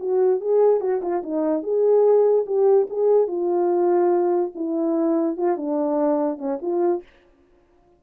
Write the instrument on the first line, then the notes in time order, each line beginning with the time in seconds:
horn
0.00 F#4
0.41 G#4
0.81 F#4
1.02 F4
1.23 D#4
1.63 G#4
2.46 G4
2.90 G#4
3.27 F4
4.55 E4
5.37 F4
5.57 D4
6.38 C#4
6.62 F4